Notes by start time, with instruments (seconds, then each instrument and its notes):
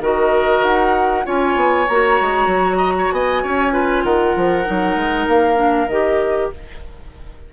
0.00 bassoon D#3, clarinet F#4, oboe A#4, flute D#5
0.64 bassoon D#4, flute F#5
1.25 bassoon C#4, clarinet F4, oboe C#5, flute G#5
1.56 bassoon B3
1.88 bassoon A#3, clarinet F#4, flute A#5
2.21 bassoon G#3
2.47 bassoon F#3
2.77 oboe D#5
2.99 oboe C#5
3.12 bassoon B3, oboe D#5, flute G#5
3.43 bassoon C#4, oboe C#5
3.71 clarinet F4, oboe B4
4.04 bassoon D#3, oboe A#4, flute F#5
4.36 bassoon F3
4.65 bassoon F#3, clarinet D#4
4.96 bassoon G#3
5.28 bassoon A#3, flute F5
5.56 clarinet D4
5.88 bassoon D#3, clarinet G4, flute D#5